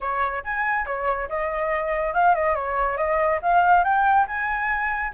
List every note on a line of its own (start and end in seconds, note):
0.01 0.43 C#5
0.44 0.85 G#5
0.85 1.28 C#5
1.28 2.14 D#5
2.14 2.34 F5
2.34 2.55 D#5
2.55 2.97 C#5
2.97 3.39 D#5
3.42 3.84 F5
3.84 4.26 G5
4.27 5.12 G#5